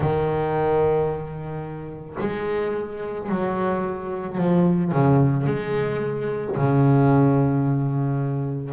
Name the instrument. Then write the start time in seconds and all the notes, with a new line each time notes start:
double bass
0.00 D#3
2.20 G#3
3.29 F#3
4.37 F3
4.91 C#3
5.46 G#3
6.56 C#3